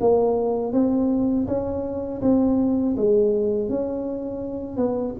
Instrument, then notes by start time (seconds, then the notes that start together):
tuba
0.00 A#3
0.72 C4
1.47 C#4
2.22 C4
2.97 G#3
3.69 C#4
4.77 B3